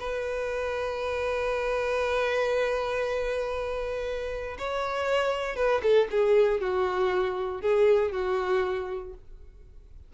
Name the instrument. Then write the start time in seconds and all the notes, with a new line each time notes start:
violin
0.00 B4
4.59 C#5
5.56 B4
5.83 A4
6.11 G#4
6.61 F#4
7.62 G#4
8.12 F#4